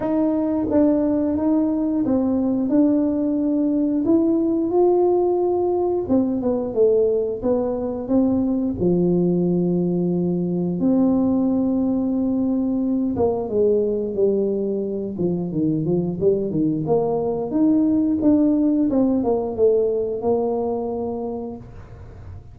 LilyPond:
\new Staff \with { instrumentName = "tuba" } { \time 4/4 \tempo 4 = 89 dis'4 d'4 dis'4 c'4 | d'2 e'4 f'4~ | f'4 c'8 b8 a4 b4 | c'4 f2. |
c'2.~ c'8 ais8 | gis4 g4. f8 dis8 f8 | g8 dis8 ais4 dis'4 d'4 | c'8 ais8 a4 ais2 | }